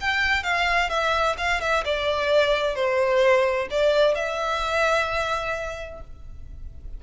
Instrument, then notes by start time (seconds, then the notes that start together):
violin
0.00 G5
0.43 F5
0.89 E5
1.37 F5
1.60 E5
1.84 D5
2.75 C5
3.70 D5
4.14 E5